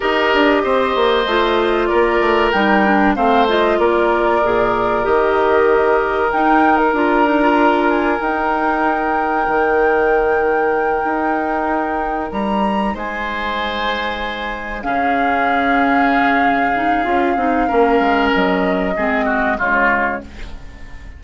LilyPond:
<<
  \new Staff \with { instrumentName = "flute" } { \time 4/4 \tempo 4 = 95 dis''2. d''4 | g''4 f''8 dis''8 d''2 | dis''2 g''8. ais'16 ais''4~ | ais''8 gis''8 g''2.~ |
g''2.~ g''8 ais''8~ | ais''8 gis''2. f''8~ | f''1~ | f''4 dis''2 cis''4 | }
  \new Staff \with { instrumentName = "oboe" } { \time 4/4 ais'4 c''2 ais'4~ | ais'4 c''4 ais'2~ | ais'1~ | ais'1~ |
ais'1~ | ais'8 c''2. gis'8~ | gis'1 | ais'2 gis'8 fis'8 f'4 | }
  \new Staff \with { instrumentName = "clarinet" } { \time 4/4 g'2 f'2 | dis'8 d'8 c'8 f'4. gis'4 | g'2 dis'4 f'8 dis'16 f'16~ | f'4 dis'2.~ |
dis'1~ | dis'2.~ dis'8 cis'8~ | cis'2~ cis'8 dis'8 f'8 dis'8 | cis'2 c'4 gis4 | }
  \new Staff \with { instrumentName = "bassoon" } { \time 4/4 dis'8 d'8 c'8 ais8 a4 ais8 a8 | g4 a4 ais4 ais,4 | dis2 dis'4 d'4~ | d'4 dis'2 dis4~ |
dis4. dis'2 g8~ | g8 gis2. cis8~ | cis2. cis'8 c'8 | ais8 gis8 fis4 gis4 cis4 | }
>>